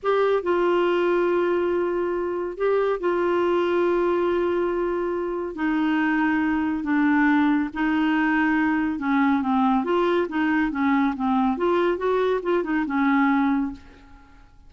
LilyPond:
\new Staff \with { instrumentName = "clarinet" } { \time 4/4 \tempo 4 = 140 g'4 f'2.~ | f'2 g'4 f'4~ | f'1~ | f'4 dis'2. |
d'2 dis'2~ | dis'4 cis'4 c'4 f'4 | dis'4 cis'4 c'4 f'4 | fis'4 f'8 dis'8 cis'2 | }